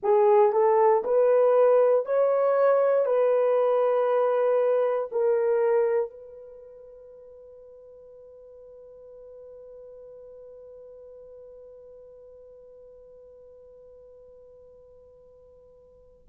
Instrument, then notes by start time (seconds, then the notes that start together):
horn
0.02 G#4
0.52 A4
1.04 B4
2.05 C#5
3.05 B4
5.11 A#4
6.10 B4